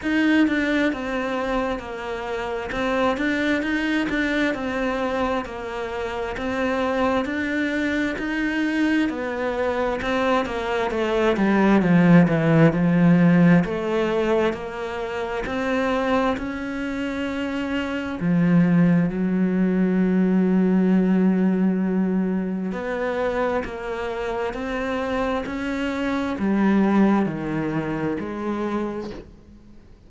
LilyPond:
\new Staff \with { instrumentName = "cello" } { \time 4/4 \tempo 4 = 66 dis'8 d'8 c'4 ais4 c'8 d'8 | dis'8 d'8 c'4 ais4 c'4 | d'4 dis'4 b4 c'8 ais8 | a8 g8 f8 e8 f4 a4 |
ais4 c'4 cis'2 | f4 fis2.~ | fis4 b4 ais4 c'4 | cis'4 g4 dis4 gis4 | }